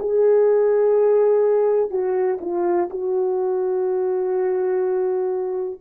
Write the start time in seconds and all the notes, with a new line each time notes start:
0.00 G#4
1.90 F#4
2.41 F4
2.90 F#4